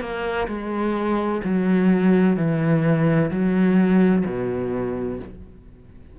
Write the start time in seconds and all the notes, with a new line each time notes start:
0.00 A#3
0.47 G#3
1.44 F#3
2.37 E3
3.31 F#3
4.25 B2